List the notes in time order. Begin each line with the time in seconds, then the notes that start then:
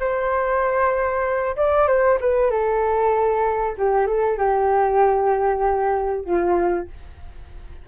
0.00 C5
1.57 D5
1.88 C5
2.21 B4
2.51 A4
3.78 G4
4.07 A4
4.38 G4
6.25 F4